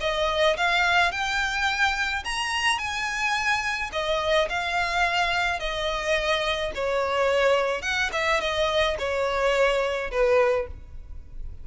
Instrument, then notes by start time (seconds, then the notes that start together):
violin
0.00 D#5
0.56 F5
1.11 G5
2.24 A#5
2.78 G#5
3.92 D#5
4.49 F5
5.59 D#5
6.74 C#5
7.81 F#5
8.12 E5
8.40 D#5
8.98 C#5
10.11 B4